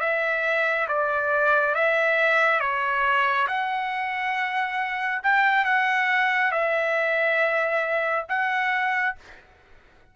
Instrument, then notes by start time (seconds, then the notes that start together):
trumpet
0.00 E5
0.88 D5
1.75 E5
2.60 C#5
3.48 F#5
5.23 G5
5.65 F#5
6.52 E5
8.29 F#5